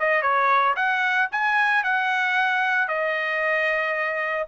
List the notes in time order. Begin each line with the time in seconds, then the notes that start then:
0.00 D#5
0.22 C#5
0.77 F#5
1.32 G#5
1.84 F#5
2.89 D#5